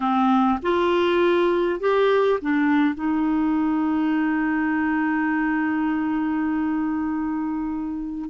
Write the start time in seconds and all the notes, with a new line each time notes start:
0.00 C4
0.62 F4
1.80 G4
2.41 D4
2.95 D#4